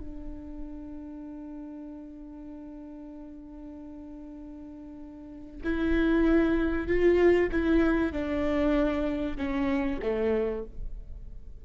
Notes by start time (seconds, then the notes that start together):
0.00 D4
5.64 E4
6.88 F4
7.52 E4
8.12 D4
9.38 C#4
10.03 A3